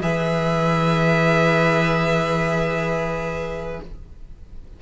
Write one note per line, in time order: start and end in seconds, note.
0.00 3.79 E3
0.00 3.81 G#4
0.00 3.81 B4
0.00 3.80 E5